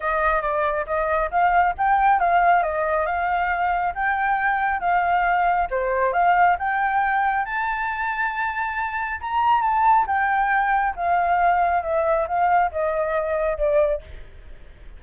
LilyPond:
\new Staff \with { instrumentName = "flute" } { \time 4/4 \tempo 4 = 137 dis''4 d''4 dis''4 f''4 | g''4 f''4 dis''4 f''4~ | f''4 g''2 f''4~ | f''4 c''4 f''4 g''4~ |
g''4 a''2.~ | a''4 ais''4 a''4 g''4~ | g''4 f''2 e''4 | f''4 dis''2 d''4 | }